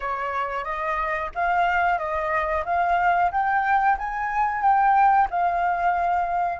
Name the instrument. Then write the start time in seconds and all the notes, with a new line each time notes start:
flute
0.00 C#5
0.64 D#5
1.35 F5
1.98 D#5
2.65 F5
3.31 G5
3.97 G#5
4.62 G5
5.30 F5